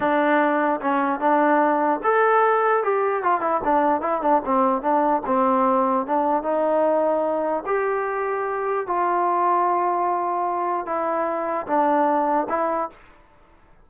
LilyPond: \new Staff \with { instrumentName = "trombone" } { \time 4/4 \tempo 4 = 149 d'2 cis'4 d'4~ | d'4 a'2 g'4 | f'8 e'8 d'4 e'8 d'8 c'4 | d'4 c'2 d'4 |
dis'2. g'4~ | g'2 f'2~ | f'2. e'4~ | e'4 d'2 e'4 | }